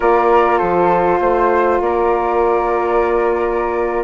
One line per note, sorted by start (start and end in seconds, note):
0.00 0.60 A#3
0.00 4.03 F4
0.00 0.58 A#4
0.00 0.58 D5
0.58 1.20 F3
0.58 1.18 A4
0.58 1.78 C5
1.20 1.80 A3
1.20 1.81 C5
1.80 4.03 A#3
1.80 4.03 A#4
1.80 4.03 D5